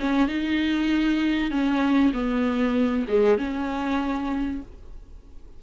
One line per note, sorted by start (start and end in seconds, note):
0.00 0.28 C#4
0.28 1.51 D#4
1.51 2.13 C#4
2.13 3.06 B3
3.08 3.38 G#3
3.38 4.62 C#4